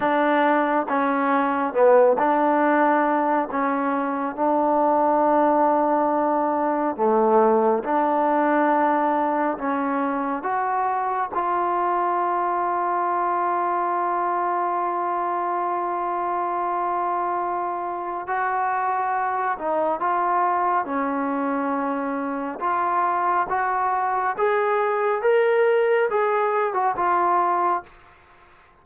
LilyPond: \new Staff \with { instrumentName = "trombone" } { \time 4/4 \tempo 4 = 69 d'4 cis'4 b8 d'4. | cis'4 d'2. | a4 d'2 cis'4 | fis'4 f'2.~ |
f'1~ | f'4 fis'4. dis'8 f'4 | cis'2 f'4 fis'4 | gis'4 ais'4 gis'8. fis'16 f'4 | }